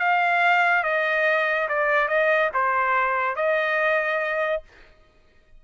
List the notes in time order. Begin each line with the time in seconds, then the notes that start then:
0.00 F5
0.84 D#5
1.69 D5
2.09 D#5
2.54 C5
3.36 D#5